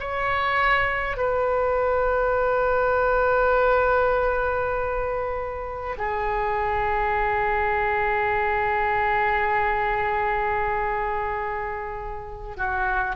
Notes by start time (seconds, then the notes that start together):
0.00 C#5
1.17 B4
5.98 G#4
12.57 F#4